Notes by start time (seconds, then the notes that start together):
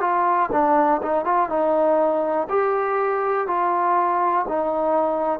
0.00 F4
0.52 D4
1.02 D#4
1.24 F4
1.49 D#4
2.49 G4
3.47 F4
4.48 D#4